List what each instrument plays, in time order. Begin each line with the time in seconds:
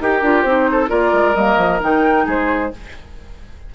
0.00 bassoon D#4, clarinet G4, oboe G4, flute A#4
0.21 bassoon D4, clarinet F4
0.42 bassoon C4, clarinet D#4, flute C5
0.71 oboe A4
0.87 bassoon A#3, clarinet F4, oboe A#4, flute D5
1.12 bassoon G#3
1.35 bassoon G3, clarinet A#3, flute D#5
1.57 bassoon F3
1.80 bassoon D#3, clarinet D#4, flute G5
2.25 bassoon G#3, oboe G#4, flute C5